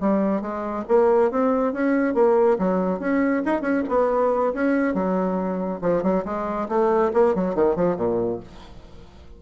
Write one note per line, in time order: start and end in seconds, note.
0.00 0.41 G3
0.41 0.84 G#3
0.88 1.31 A#3
1.31 1.73 C4
1.73 2.14 C#4
2.14 2.57 A#3
2.58 2.99 F#3
2.99 3.43 C#4
3.45 3.61 D#4
3.61 3.83 C#4
3.88 4.53 B3
4.54 4.94 C#4
4.94 5.80 F#3
5.81 6.03 F3
6.03 6.24 F#3
6.25 6.68 G#3
6.68 7.12 A3
7.13 7.35 A#3
7.35 7.55 F#3
7.55 7.76 D#3
7.76 7.96 F3
7.96 8.39 A#2